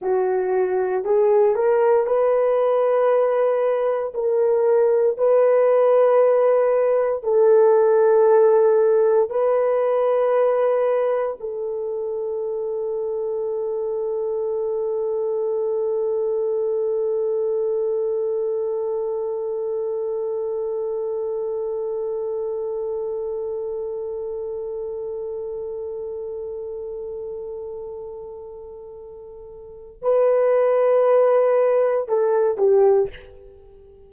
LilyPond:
\new Staff \with { instrumentName = "horn" } { \time 4/4 \tempo 4 = 58 fis'4 gis'8 ais'8 b'2 | ais'4 b'2 a'4~ | a'4 b'2 a'4~ | a'1~ |
a'1~ | a'1~ | a'1~ | a'4 b'2 a'8 g'8 | }